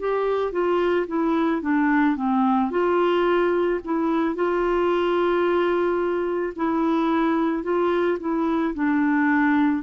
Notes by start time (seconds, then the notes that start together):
0.00 G4
0.52 F4
1.08 E4
1.62 D4
2.16 C4
2.71 F4
3.85 E4
4.35 F4
6.57 E4
7.64 F4
8.20 E4
8.75 D4